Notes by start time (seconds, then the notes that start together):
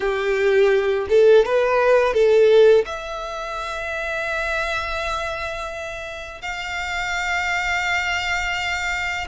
0.00 G4
1.09 A4
1.45 B4
2.13 A4
2.85 E5
6.41 F5